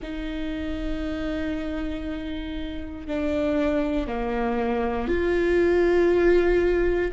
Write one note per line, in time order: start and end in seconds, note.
0.02 3.07 D#4
3.07 4.07 D4
4.07 5.08 A#3
5.08 7.11 F4